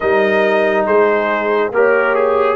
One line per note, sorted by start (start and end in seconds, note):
0.00 0.87 G3
0.00 1.72 D#4
0.00 0.86 A#4
0.00 0.85 D#5
0.86 1.71 G#3
0.86 1.71 G#4
0.86 1.72 C5
1.71 2.56 A#3
1.71 2.56 G4
1.71 2.14 A#4
1.71 2.56 C#5
2.14 2.56 G#4